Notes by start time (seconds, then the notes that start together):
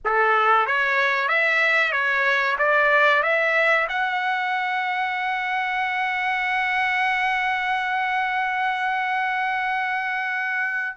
0.05 A4
0.66 C#5
1.28 E5
1.92 C#5
2.58 D5
3.23 E5
3.89 F#5